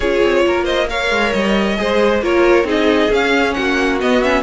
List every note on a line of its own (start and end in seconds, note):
0.00 0.22 C#4
0.00 0.87 F4
0.00 0.42 G#4
0.00 0.65 C#5
0.23 0.45 C4
0.45 1.10 A#3
0.45 0.64 A#4
0.64 0.86 C5
0.64 0.87 D#5
0.87 1.76 A#4
0.87 1.79 C#5
0.87 1.33 F5
1.10 1.32 G#3
1.33 1.78 G3
1.33 2.21 D#5
1.76 2.22 G#3
1.76 2.21 G#4
1.76 2.23 C5
2.22 2.63 A#3
2.22 2.64 F4
2.22 2.66 A#4
2.22 2.67 C#5
2.63 3.08 C4
2.63 3.09 D#4
2.63 3.55 G#4
2.63 3.13 D#5
3.10 3.55 C#4
3.10 4.00 C#4
3.10 3.53 F5
3.53 4.02 A#3
3.53 4.43 F#4
3.53 3.98 F#5
4.00 4.22 B3
4.00 4.43 B3
4.00 4.23 D#5
4.22 4.43 C#4
4.22 4.43 E5